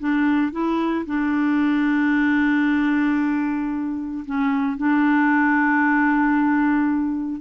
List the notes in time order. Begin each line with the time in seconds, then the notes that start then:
0.00 D4
0.52 E4
1.06 D4
4.26 C#4
4.77 D4